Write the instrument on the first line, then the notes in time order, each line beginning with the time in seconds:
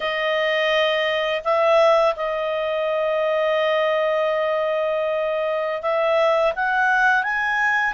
clarinet
0.00 D#5
1.44 E5
2.15 D#5
5.82 E5
6.55 F#5
7.23 G#5